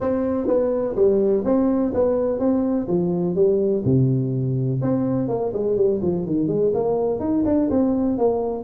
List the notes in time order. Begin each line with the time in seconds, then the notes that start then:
0.00 C4
0.47 B3
0.95 G3
1.44 C4
1.94 B3
2.39 C4
2.87 F3
3.35 G3
3.84 C3
4.81 C4
5.28 A#3
5.53 G#3
5.76 G3
6.02 F3
6.26 D#3
6.47 G#3
6.73 A#3
7.19 D#4
7.45 D4
7.70 C4
8.18 A#3